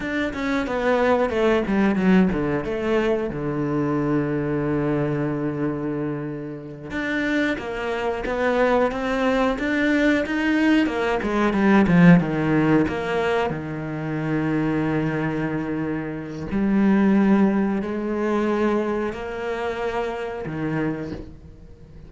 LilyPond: \new Staff \with { instrumentName = "cello" } { \time 4/4 \tempo 4 = 91 d'8 cis'8 b4 a8 g8 fis8 d8 | a4 d2.~ | d2~ d8 d'4 ais8~ | ais8 b4 c'4 d'4 dis'8~ |
dis'8 ais8 gis8 g8 f8 dis4 ais8~ | ais8 dis2.~ dis8~ | dis4 g2 gis4~ | gis4 ais2 dis4 | }